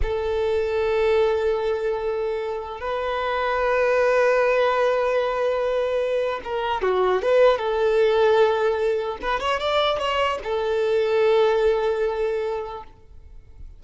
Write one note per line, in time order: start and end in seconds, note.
0.02 2.80 A4
2.80 6.40 B4
6.43 6.81 A#4
6.81 7.21 F#4
7.21 7.57 B4
7.57 9.17 A4
9.21 9.39 B4
9.39 9.59 C#5
9.60 9.98 D5
9.98 10.38 C#5
10.43 12.83 A4